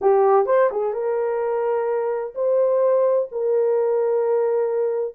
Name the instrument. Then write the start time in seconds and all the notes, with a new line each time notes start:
horn
0.01 G4
0.46 C5
0.71 G#4
0.93 A#4
2.35 C5
3.31 A#4